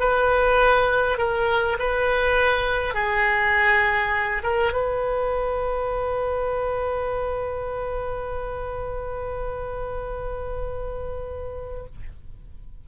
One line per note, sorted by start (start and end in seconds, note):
0.00 1.18 B4
1.18 1.77 A#4
1.79 2.94 B4
2.94 4.43 G#4
4.43 4.73 A#4
4.73 11.85 B4